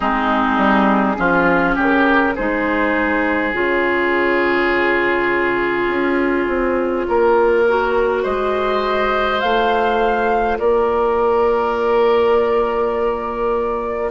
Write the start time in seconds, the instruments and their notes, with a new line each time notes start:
0.00 bassoon G#3, clarinet C4, oboe D#4, flute G#4
0.57 bassoon G3
1.16 bassoon F3, clarinet C#4, oboe F4
1.75 bassoon C#3, oboe G4
1.81 flute A#4
2.35 bassoon G#3, clarinet D#4, oboe G#4, flute C5
3.52 bassoon C#3, clarinet F4, flute C#5
5.87 bassoon C#4
6.47 bassoon C4
7.08 bassoon A#3, oboe A#4
7.68 clarinet F#4
8.22 bassoon G#3, oboe C5, flute D#5
9.40 bassoon A3, clarinet F4, flute F5
10.58 bassoon A#3, oboe A#4, flute D5